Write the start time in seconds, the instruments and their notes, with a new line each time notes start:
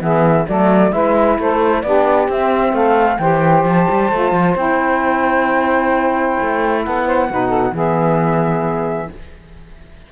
0.00 cello E3, saxophone B3 G#4, flute E5
0.47 cello F#3, saxophone A3 A4, flute D5
0.92 cello G#3, saxophone E4 B4, flute E5
1.38 cello A3, saxophone A4, flute C5
1.82 cello B3, saxophone D4 G4, flute D5
2.27 saxophone C4, cello C4, flute E5
2.72 cello A3, saxophone A4, flute F5
3.18 cello E3, saxophone G4 C5, flute G5
3.64 cello F3, flute A5
3.90 cello G3
4.11 cello A3, saxophone F4
4.31 cello F3
4.55 cello C4, saxophone E4, flute G5
6.41 cello A3
6.83 cello B3, saxophone A4, flute F#5
7.06 saxophone C5
7.29 cello B2, saxophone D#4 B4
7.47 saxophone A4
7.71 cello E3, saxophone B3 G#4, flute E5